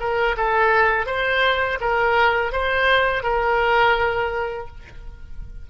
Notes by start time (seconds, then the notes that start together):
0.00 A#4
0.37 A4
1.06 C5
1.81 A#4
2.52 C5
3.23 A#4